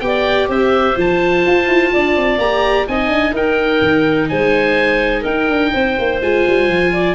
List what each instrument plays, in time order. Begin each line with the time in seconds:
0.00 tuba B3, viola G4, oboe G5
0.07 clarinet D5
0.48 tuba C4, clarinet C5, oboe E5
0.95 tuba F3, viola F4, oboe A5
1.47 tuba F4
1.67 tuba E4
1.93 tuba D4, clarinet D5
2.17 tuba C4
2.38 tuba A#3, viola G4, oboe A#5
2.87 tuba C4, viola D#4, clarinet D#5, oboe G#5
3.08 tuba D4
3.32 tuba D#4, clarinet A#4, oboe G5
3.81 tuba D#3
4.29 tuba G#3, clarinet C5, oboe G#5
5.22 tuba D#4, clarinet A#4, oboe G5
5.48 tuba D4
5.73 tuba C4, clarinet C5
5.99 tuba A#3
6.21 tuba G#3, viola F4, oboe G#5
6.48 tuba G3
6.68 tuba F3
6.93 clarinet D5